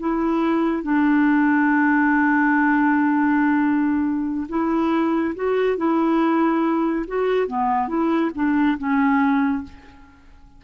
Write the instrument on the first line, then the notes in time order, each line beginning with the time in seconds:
clarinet
0.00 E4
0.83 D4
4.49 E4
5.35 F#4
5.77 E4
7.08 F#4
7.47 B3
7.88 E4
8.35 D4
8.78 C#4